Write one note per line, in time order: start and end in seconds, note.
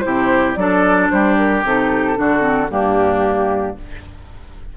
0.00 0.56 C3
0.00 0.56 E4
0.00 0.59 G4
0.00 0.53 C5
0.55 1.09 F#3
0.55 1.65 D4
0.55 1.13 A4
0.55 1.08 D5
1.10 1.64 G3
1.10 2.19 G4
1.10 1.37 C5
1.37 1.64 A#4
1.64 2.17 C3
1.64 2.16 D#4
1.64 2.71 A4
2.16 2.69 D3
2.16 2.41 D4
2.16 2.71 F#4
2.41 2.67 C4
2.69 3.76 G2
2.69 3.76 A#3
2.69 3.77 D4
2.69 3.77 G4